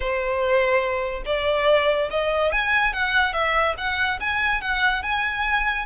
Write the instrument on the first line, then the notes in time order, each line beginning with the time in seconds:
violin
0.00 C5
1.25 D5
2.10 D#5
2.52 G#5
2.93 F#5
3.33 E5
3.77 F#5
4.20 G#5
4.61 F#5
5.02 G#5